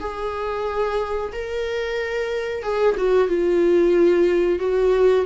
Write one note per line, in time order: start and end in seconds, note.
0.00 1.32 G#4
1.32 2.63 A#4
2.63 2.96 G#4
2.97 3.28 F#4
3.28 4.59 F4
4.59 5.25 F#4